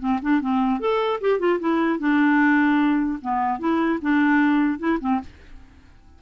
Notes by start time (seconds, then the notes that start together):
0.00 C4
0.22 D4
0.41 C4
0.80 A4
1.21 G4
1.39 F4
1.60 E4
2.00 D4
3.22 B3
3.59 E4
4.02 D4
4.79 E4
5.01 C4